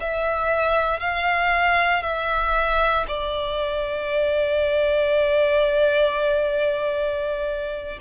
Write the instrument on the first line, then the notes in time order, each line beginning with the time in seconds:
violin
0.00 E5
1.00 F5
2.02 E5
3.08 D5